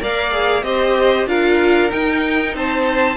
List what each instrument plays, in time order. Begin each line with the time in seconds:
0.00 cello A#3, viola A#4, violin D5 F5
0.32 viola G#4
0.63 cello C4, viola G4, violin C5 D#5
1.26 cello D4, viola F4, violin A#4 F5
1.89 viola D#4, cello D#4, violin G5
2.54 cello C4, violin C5 A5